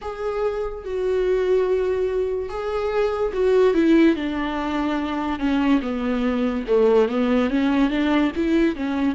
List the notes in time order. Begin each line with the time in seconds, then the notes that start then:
0.01 G#4
0.84 F#4
2.49 G#4
3.33 F#4
3.73 E4
4.15 D4
5.39 C#4
5.81 B3
6.67 A3
7.08 B3
7.50 C#4
7.89 D4
8.36 E4
8.75 C#4